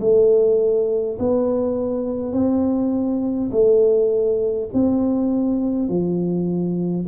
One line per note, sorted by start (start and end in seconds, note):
0.00 1.18 A3
1.19 2.33 B3
2.33 3.50 C4
3.51 4.69 A3
4.73 5.88 C4
5.88 7.06 F3